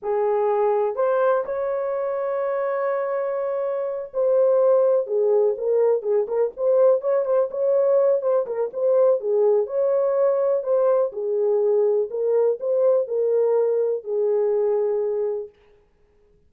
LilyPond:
\new Staff \with { instrumentName = "horn" } { \time 4/4 \tempo 4 = 124 gis'2 c''4 cis''4~ | cis''1~ | cis''8 c''2 gis'4 ais'8~ | ais'8 gis'8 ais'8 c''4 cis''8 c''8 cis''8~ |
cis''4 c''8 ais'8 c''4 gis'4 | cis''2 c''4 gis'4~ | gis'4 ais'4 c''4 ais'4~ | ais'4 gis'2. | }